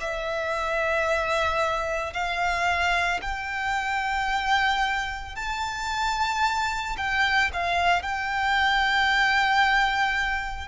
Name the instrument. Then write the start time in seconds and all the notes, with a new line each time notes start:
violin
0.00 E5
2.13 F5
3.21 G5
5.36 A5
6.97 G5
7.53 F5
8.02 G5